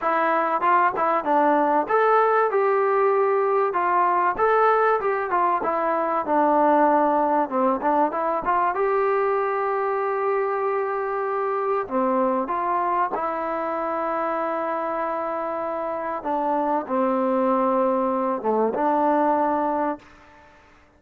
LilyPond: \new Staff \with { instrumentName = "trombone" } { \time 4/4 \tempo 4 = 96 e'4 f'8 e'8 d'4 a'4 | g'2 f'4 a'4 | g'8 f'8 e'4 d'2 | c'8 d'8 e'8 f'8 g'2~ |
g'2. c'4 | f'4 e'2.~ | e'2 d'4 c'4~ | c'4. a8 d'2 | }